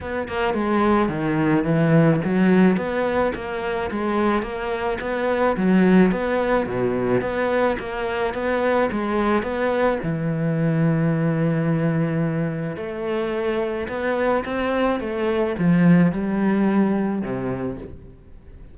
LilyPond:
\new Staff \with { instrumentName = "cello" } { \time 4/4 \tempo 4 = 108 b8 ais8 gis4 dis4 e4 | fis4 b4 ais4 gis4 | ais4 b4 fis4 b4 | b,4 b4 ais4 b4 |
gis4 b4 e2~ | e2. a4~ | a4 b4 c'4 a4 | f4 g2 c4 | }